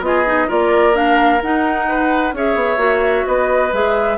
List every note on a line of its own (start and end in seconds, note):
0.00 0.46 B3
0.00 0.25 F4
0.00 0.50 D#5
0.06 0.48 G#4
0.26 0.49 D#4
0.48 1.42 A#3
0.48 0.93 F4
0.48 1.86 A#4
0.48 0.96 D5
0.93 1.40 D4
0.93 1.42 F5
1.42 2.33 D#4
1.42 2.35 D#4
1.42 2.35 F#5
1.89 2.35 B4
2.33 2.55 C#4
2.33 2.77 G#4
2.33 3.27 C#5
2.33 3.27 E5
2.55 2.77 B3
2.77 3.23 A#3
2.77 3.70 F#4
3.27 3.72 B3
3.27 4.18 B4
3.27 3.73 D#5
3.72 4.18 G#3
3.72 4.18 G#4
3.72 4.18 E5